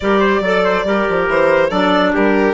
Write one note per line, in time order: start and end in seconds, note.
0.00 0.40 G3
0.00 0.44 G4
0.00 0.19 A#4
0.00 1.26 D5
0.19 0.41 C5
0.40 0.83 F#3
0.40 0.85 A4
0.40 0.64 D5
0.64 0.85 C5
0.85 1.06 G3
0.85 1.70 G4
0.85 1.70 A#4
1.09 1.27 F3
1.27 1.70 E3
1.27 1.70 C5
1.70 2.13 F#3
1.70 2.54 D4
1.70 2.12 A4
1.70 2.12 D5
2.13 2.54 G3
2.13 2.54 G4
2.13 2.54 A#4